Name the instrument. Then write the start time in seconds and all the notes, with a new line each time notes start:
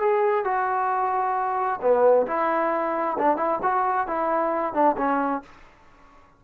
trombone
0.00 G#4
0.45 F#4
1.82 B3
2.27 E4
3.19 D4
3.37 E4
3.63 F#4
4.07 E4
4.74 D4
4.97 C#4